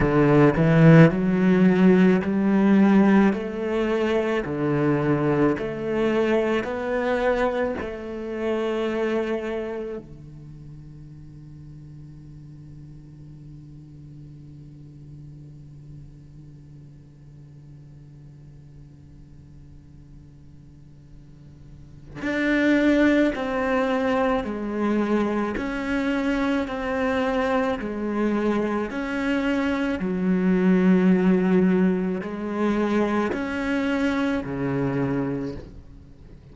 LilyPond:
\new Staff \with { instrumentName = "cello" } { \time 4/4 \tempo 4 = 54 d8 e8 fis4 g4 a4 | d4 a4 b4 a4~ | a4 d2.~ | d1~ |
d1 | d'4 c'4 gis4 cis'4 | c'4 gis4 cis'4 fis4~ | fis4 gis4 cis'4 cis4 | }